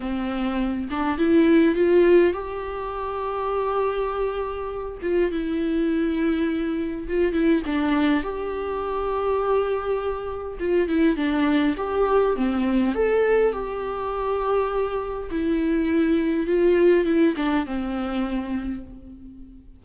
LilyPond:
\new Staff \with { instrumentName = "viola" } { \time 4/4 \tempo 4 = 102 c'4. d'8 e'4 f'4 | g'1~ | g'8 f'8 e'2. | f'8 e'8 d'4 g'2~ |
g'2 f'8 e'8 d'4 | g'4 c'4 a'4 g'4~ | g'2 e'2 | f'4 e'8 d'8 c'2 | }